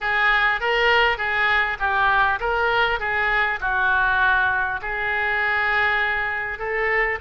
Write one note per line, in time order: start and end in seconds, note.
0.00 0.60 G#4
0.60 1.17 A#4
1.17 1.77 G#4
1.79 2.39 G4
2.40 2.99 A#4
2.99 3.59 G#4
3.60 4.80 F#4
4.81 6.58 G#4
6.58 7.18 A4